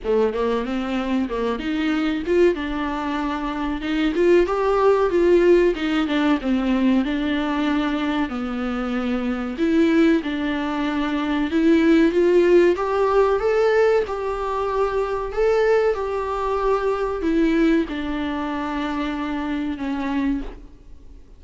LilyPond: \new Staff \with { instrumentName = "viola" } { \time 4/4 \tempo 4 = 94 a8 ais8 c'4 ais8 dis'4 f'8 | d'2 dis'8 f'8 g'4 | f'4 dis'8 d'8 c'4 d'4~ | d'4 b2 e'4 |
d'2 e'4 f'4 | g'4 a'4 g'2 | a'4 g'2 e'4 | d'2. cis'4 | }